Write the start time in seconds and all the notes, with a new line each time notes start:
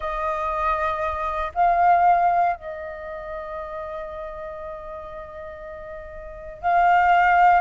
0.00 D#5
1.54 F5
2.56 D#5
6.61 F5